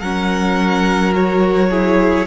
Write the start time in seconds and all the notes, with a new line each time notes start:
0.00 F#3 C#4 A#4 F#5
1.13 F#4 C#5
1.70 E4 G#4